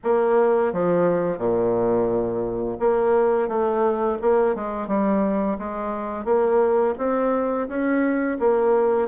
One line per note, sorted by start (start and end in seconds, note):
0.03 0.72 A#3
0.72 1.38 F3
1.38 2.77 A#2
2.79 3.48 A#3
3.48 4.18 A3
4.21 4.55 A#3
4.55 4.87 G#3
4.87 5.57 G3
5.58 6.24 G#3
6.24 6.94 A#3
6.98 7.67 C4
7.68 8.38 C#4
8.39 9.07 A#3